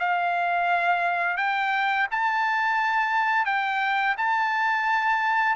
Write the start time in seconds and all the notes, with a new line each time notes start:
0.00 F5
1.38 G5
2.11 A5
3.46 G5
4.18 A5